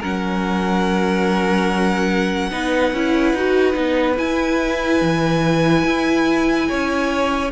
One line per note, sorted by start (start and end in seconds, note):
0.00 2.50 F#3
0.00 2.51 C#4
0.00 2.50 A#4
0.00 4.18 F#5
2.50 2.92 B3
2.50 2.93 D#4
2.50 6.68 B4
2.93 3.33 C#4
2.93 3.37 E4
3.33 3.74 D#4
3.33 3.73 F#4
3.73 4.18 B3
3.73 4.15 D#4
4.16 7.49 E4
4.16 5.01 E4
4.16 7.51 G#5
5.01 5.84 E3
5.84 6.68 E4
6.68 7.51 C#4
6.68 7.51 C#5